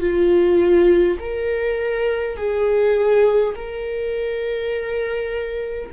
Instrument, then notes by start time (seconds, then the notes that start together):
viola
0.00 F4
1.19 A#4
2.36 G#4
3.55 A#4